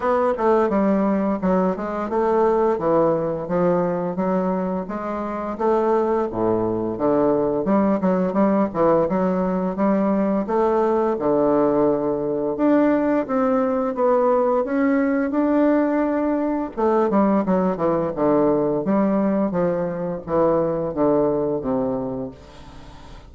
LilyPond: \new Staff \with { instrumentName = "bassoon" } { \time 4/4 \tempo 4 = 86 b8 a8 g4 fis8 gis8 a4 | e4 f4 fis4 gis4 | a4 a,4 d4 g8 fis8 | g8 e8 fis4 g4 a4 |
d2 d'4 c'4 | b4 cis'4 d'2 | a8 g8 fis8 e8 d4 g4 | f4 e4 d4 c4 | }